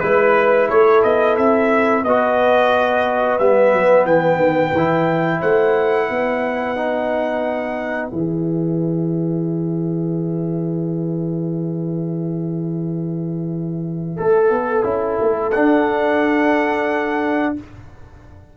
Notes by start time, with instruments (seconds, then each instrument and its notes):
0.00 tuba G#3, trombone E4, trumpet B4, horn B4
0.69 tuba A3, horn A4, trumpet C#5
1.03 tuba B3, trumpet D#5
1.37 tuba C4, trumpet E5
2.04 tuba B3, trombone F#4, horn B4, trumpet D#5
3.39 tuba G3, trombone B3, trumpet E5
3.73 tuba F#3
4.05 tuba E3, trumpet G5
4.36 tuba D#3
4.72 tuba E3, trombone E4
5.40 tuba A3, horn C5, trumpet F#5
6.06 tuba B3, horn B4
6.76 trombone D#4
8.10 tuba E3, trombone G#4, trumpet E5
14.16 tuba A3, horn A4, trombone A4
14.50 tuba B3
14.84 tuba C#4, trombone E4
15.21 tuba A3
15.51 trombone D4, tuba D4, trumpet F#5